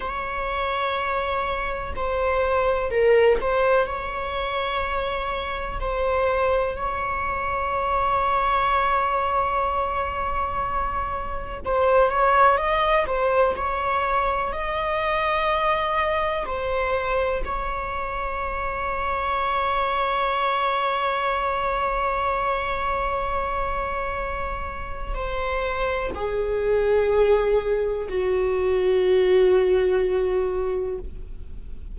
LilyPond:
\new Staff \with { instrumentName = "viola" } { \time 4/4 \tempo 4 = 62 cis''2 c''4 ais'8 c''8 | cis''2 c''4 cis''4~ | cis''1 | c''8 cis''8 dis''8 c''8 cis''4 dis''4~ |
dis''4 c''4 cis''2~ | cis''1~ | cis''2 c''4 gis'4~ | gis'4 fis'2. | }